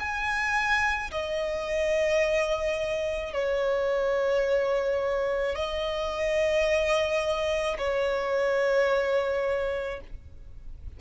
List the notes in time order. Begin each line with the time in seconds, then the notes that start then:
0.00 G#5
1.12 D#5
3.34 C#5
5.56 D#5
7.79 C#5